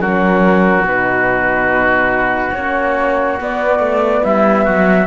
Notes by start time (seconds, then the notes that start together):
0.00 F#3 C#4 F#4 A#4
0.81 B2 D#4
0.87 B4
2.53 A#3 C#4 C#5
3.40 B3 D5
3.79 A3
4.24 G3 E4 E5
4.64 F#3 F#4